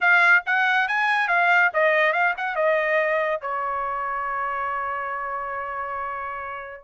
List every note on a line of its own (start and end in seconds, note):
0.00 0.43 F5
0.45 0.88 F#5
0.88 1.28 G#5
1.28 1.70 F5
1.73 2.12 D#5
2.12 2.34 F5
2.37 2.55 F#5
2.55 3.41 D#5
3.41 6.84 C#5